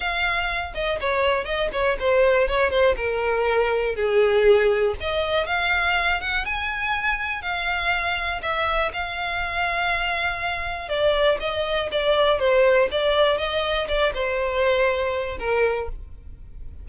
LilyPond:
\new Staff \with { instrumentName = "violin" } { \time 4/4 \tempo 4 = 121 f''4. dis''8 cis''4 dis''8 cis''8 | c''4 cis''8 c''8 ais'2 | gis'2 dis''4 f''4~ | f''8 fis''8 gis''2 f''4~ |
f''4 e''4 f''2~ | f''2 d''4 dis''4 | d''4 c''4 d''4 dis''4 | d''8 c''2~ c''8 ais'4 | }